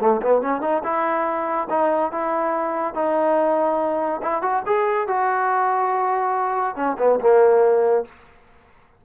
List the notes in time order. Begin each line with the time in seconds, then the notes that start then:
0.00 A3
0.22 B3
0.41 C#4
0.61 D#4
0.83 E4
1.69 D#4
2.11 E4
2.94 D#4
4.22 E4
4.42 F#4
4.66 G#4
5.07 F#4
6.75 C#4
6.98 B3
7.20 A#3